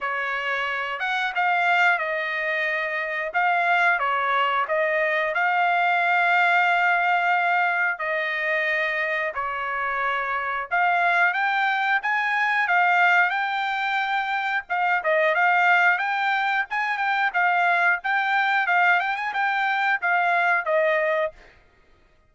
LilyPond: \new Staff \with { instrumentName = "trumpet" } { \time 4/4 \tempo 4 = 90 cis''4. fis''8 f''4 dis''4~ | dis''4 f''4 cis''4 dis''4 | f''1 | dis''2 cis''2 |
f''4 g''4 gis''4 f''4 | g''2 f''8 dis''8 f''4 | g''4 gis''8 g''8 f''4 g''4 | f''8 g''16 gis''16 g''4 f''4 dis''4 | }